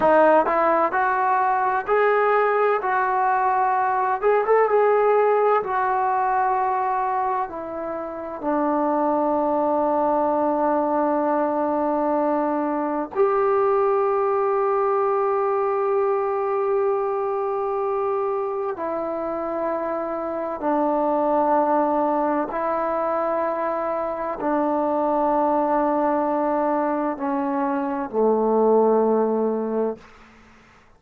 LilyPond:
\new Staff \with { instrumentName = "trombone" } { \time 4/4 \tempo 4 = 64 dis'8 e'8 fis'4 gis'4 fis'4~ | fis'8 gis'16 a'16 gis'4 fis'2 | e'4 d'2.~ | d'2 g'2~ |
g'1 | e'2 d'2 | e'2 d'2~ | d'4 cis'4 a2 | }